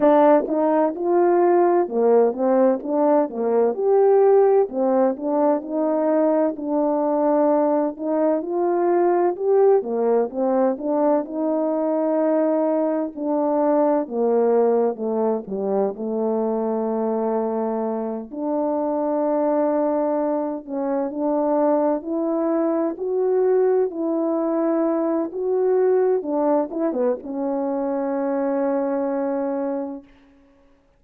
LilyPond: \new Staff \with { instrumentName = "horn" } { \time 4/4 \tempo 4 = 64 d'8 dis'8 f'4 ais8 c'8 d'8 ais8 | g'4 c'8 d'8 dis'4 d'4~ | d'8 dis'8 f'4 g'8 ais8 c'8 d'8 | dis'2 d'4 ais4 |
a8 g8 a2~ a8 d'8~ | d'2 cis'8 d'4 e'8~ | e'8 fis'4 e'4. fis'4 | d'8 e'16 b16 cis'2. | }